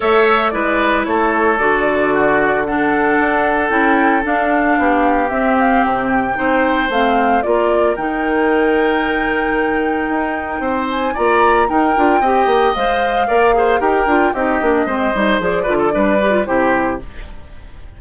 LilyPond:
<<
  \new Staff \with { instrumentName = "flute" } { \time 4/4 \tempo 4 = 113 e''4 d''4 cis''4 d''4~ | d''4 fis''2 g''4 | f''2 e''8 f''8 g''4~ | g''4 f''4 d''4 g''4~ |
g''1~ | g''8 gis''8 ais''4 g''2 | f''2 g''4 dis''4~ | dis''4 d''2 c''4 | }
  \new Staff \with { instrumentName = "oboe" } { \time 4/4 cis''4 b'4 a'2 | fis'4 a'2.~ | a'4 g'2. | c''2 ais'2~ |
ais'1 | c''4 d''4 ais'4 dis''4~ | dis''4 d''8 c''8 ais'4 g'4 | c''4. b'16 a'16 b'4 g'4 | }
  \new Staff \with { instrumentName = "clarinet" } { \time 4/4 a'4 e'2 fis'4~ | fis'4 d'2 e'4 | d'2 c'2 | dis'4 c'4 f'4 dis'4~ |
dis'1~ | dis'4 f'4 dis'8 f'8 g'4 | c''4 ais'8 gis'8 g'8 f'8 dis'8 d'8 | c'8 dis'8 gis'8 f'8 d'8 g'16 f'16 e'4 | }
  \new Staff \with { instrumentName = "bassoon" } { \time 4/4 a4 gis4 a4 d4~ | d2 d'4 cis'4 | d'4 b4 c'4 c4 | c'4 a4 ais4 dis4~ |
dis2. dis'4 | c'4 ais4 dis'8 d'8 c'8 ais8 | gis4 ais4 dis'8 d'8 c'8 ais8 | gis8 g8 f8 d8 g4 c4 | }
>>